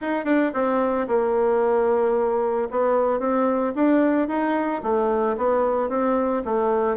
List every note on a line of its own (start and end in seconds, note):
0.01 0.25 D#4
0.25 0.51 D4
0.53 1.07 C4
1.07 2.68 A#3
2.70 3.19 B3
3.19 3.73 C4
3.75 4.28 D4
4.28 4.81 D#4
4.83 5.36 A3
5.37 5.89 B3
5.89 6.42 C4
6.44 6.96 A3